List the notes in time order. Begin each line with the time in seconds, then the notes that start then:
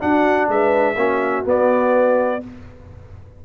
0.00 D4 F#4 F#5
0.49 G#3 B4 E5
0.97 A#3 C#4 F#4
1.45 B3 D5